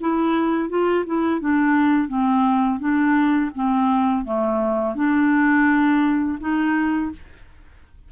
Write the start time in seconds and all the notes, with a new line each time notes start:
0.00 E4
0.69 F4
1.06 E4
1.40 D4
2.08 C4
2.79 D4
3.54 C4
4.24 A3
4.95 D4
6.40 D#4